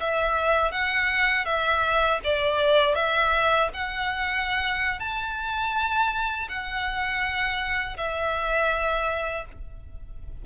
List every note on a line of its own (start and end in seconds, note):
0.00 0.72 E5
0.72 1.45 F#5
1.45 2.20 E5
2.24 2.95 D5
2.95 3.69 E5
3.74 5.00 F#5
5.00 6.48 A5
6.49 7.97 F#5
7.97 9.45 E5